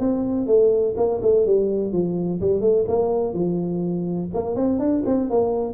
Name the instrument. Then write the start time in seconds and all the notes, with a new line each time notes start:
tuba
0.00 C4
0.47 A3
0.97 A#3
1.22 A3
1.46 G3
1.93 F3
2.41 G3
2.61 A3
2.88 A#3
3.34 F3
4.34 A#3
4.56 C4
4.80 D4
5.07 C4
5.31 A#3